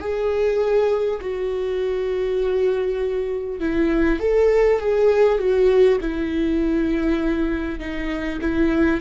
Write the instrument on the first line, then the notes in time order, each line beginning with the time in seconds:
viola
0.00 G#4
1.21 F#4
3.61 E4
4.19 A4
4.80 G#4
5.38 F#4
6.01 E4
7.79 D#4
8.41 E4